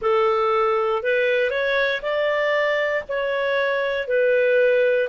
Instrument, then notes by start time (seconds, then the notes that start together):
clarinet
0.01 A4
1.02 B4
1.50 C#5
2.02 D5
3.08 C#5
4.07 B4